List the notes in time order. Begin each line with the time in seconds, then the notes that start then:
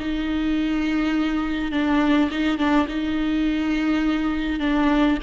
0.00 D#4
1.72 D4
2.31 D#4
2.58 D4
2.89 D#4
4.60 D4